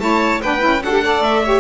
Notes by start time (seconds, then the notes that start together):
0.00 A3 E4 C#5 A5
0.42 B3 D4 B4 G5
0.60 C#4 E4
0.83 D4 F#4 A4 F#5
0.92 G4
1.04 A4 D5
1.21 A3 E5
1.45 G4 C#5